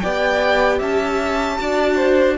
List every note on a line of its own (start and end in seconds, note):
0.00 0.80 B3
0.00 1.58 G4
0.00 0.78 D5
0.00 0.79 G5
0.78 1.59 C#4
0.78 1.57 E5
0.78 2.37 A5
1.58 2.37 D4
1.58 2.37 F#4
1.58 1.96 D5
1.96 2.36 C5